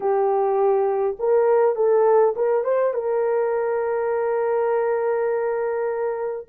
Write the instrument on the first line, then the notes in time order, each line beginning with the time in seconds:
horn
0.00 G4
1.19 A#4
1.75 A4
2.36 A#4
2.64 C5
2.93 A#4